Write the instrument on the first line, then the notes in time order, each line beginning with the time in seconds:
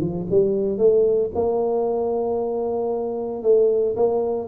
tuba
0.00 F3
0.30 G3
0.78 A3
1.35 A#3
3.43 A3
3.96 A#3